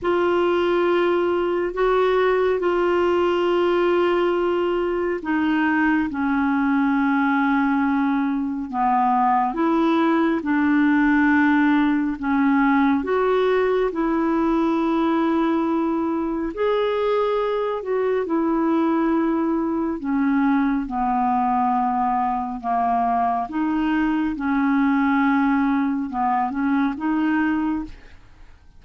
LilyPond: \new Staff \with { instrumentName = "clarinet" } { \time 4/4 \tempo 4 = 69 f'2 fis'4 f'4~ | f'2 dis'4 cis'4~ | cis'2 b4 e'4 | d'2 cis'4 fis'4 |
e'2. gis'4~ | gis'8 fis'8 e'2 cis'4 | b2 ais4 dis'4 | cis'2 b8 cis'8 dis'4 | }